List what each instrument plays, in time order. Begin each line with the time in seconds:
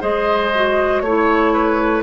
0.00 bassoon G#3, clarinet G#4, oboe C5, flute D#5
0.55 clarinet F#4
1.00 bassoon A3, flute C#5, oboe C#5
1.07 clarinet E4
1.53 oboe B4